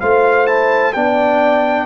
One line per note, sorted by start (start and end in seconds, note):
0.00 0.96 A3
0.00 0.47 F4
0.00 0.95 C5
0.00 0.47 F5
0.47 0.94 E4
0.47 0.93 A5
0.93 1.86 B3
0.93 1.86 D4
0.93 1.86 D5
0.93 1.86 G5